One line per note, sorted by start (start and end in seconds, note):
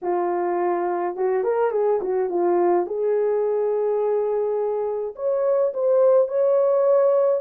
0.02 1.16 F4
1.16 1.43 F#4
1.43 1.71 A#4
1.71 1.99 G#4
2.01 2.29 F#4
2.29 2.86 F4
2.86 5.14 G#4
5.15 5.72 C#5
5.73 6.28 C5
6.28 7.41 C#5